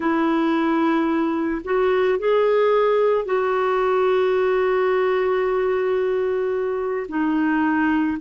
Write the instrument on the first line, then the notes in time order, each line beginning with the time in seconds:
clarinet
0.00 E4
1.64 F#4
2.18 G#4
3.25 F#4
7.08 D#4